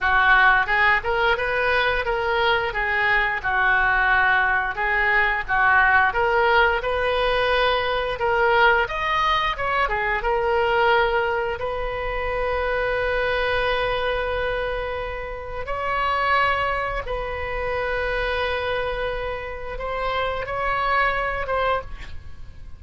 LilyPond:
\new Staff \with { instrumentName = "oboe" } { \time 4/4 \tempo 4 = 88 fis'4 gis'8 ais'8 b'4 ais'4 | gis'4 fis'2 gis'4 | fis'4 ais'4 b'2 | ais'4 dis''4 cis''8 gis'8 ais'4~ |
ais'4 b'2.~ | b'2. cis''4~ | cis''4 b'2.~ | b'4 c''4 cis''4. c''8 | }